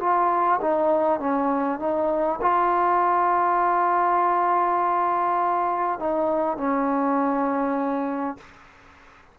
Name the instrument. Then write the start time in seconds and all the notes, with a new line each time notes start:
trombone
0.00 F4
0.61 D#4
1.20 C#4
1.79 D#4
2.42 F4
5.99 D#4
6.57 C#4